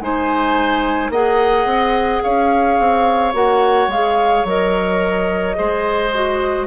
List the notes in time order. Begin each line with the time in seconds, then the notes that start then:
0.00 G#3 D#4 C5 G#5
1.10 A#3 G#4 D#5 F#5
1.65 C4
2.22 C#4 C#5 F5
2.79 C4
3.33 A#3 F#4 F#5
3.87 G#3 F5
3.93 G#4
4.44 F#3 A#4 D#5
5.55 G#3 G#4 C5
6.14 F#4